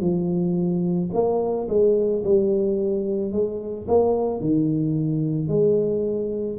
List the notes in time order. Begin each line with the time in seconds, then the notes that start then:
0.00 F3
1.13 A#3
1.68 G#3
2.24 G3
3.32 G#3
3.87 A#3
4.40 D#3
5.48 G#3